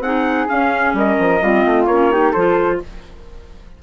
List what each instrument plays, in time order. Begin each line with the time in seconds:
0.00 bassoon C4, clarinet D#4, flute G#4, trumpet F#5
0.49 clarinet C#4, bassoon C#4, trumpet F5
0.94 bassoon G3, flute A#4, trumpet D#5
1.20 bassoon F3
1.42 bassoon G3, clarinet C4, flute F4
1.66 bassoon A3
1.87 bassoon A#3, clarinet C#4, trumpet C#5
2.12 clarinet D#4, flute G4
2.32 bassoon F3, clarinet F4, flute A4, trumpet C5